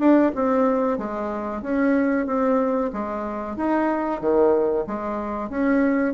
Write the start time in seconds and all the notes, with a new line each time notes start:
0.00 D4
0.36 C4
0.99 G#3
1.62 C#4
2.27 C4
2.93 G#3
3.57 D#4
4.21 D#3
4.87 G#3
5.50 C#4